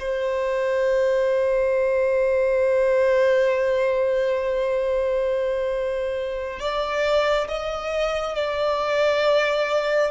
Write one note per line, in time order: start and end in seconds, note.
0.00 6.60 C5
6.60 7.48 D5
7.48 8.35 D#5
8.35 10.11 D5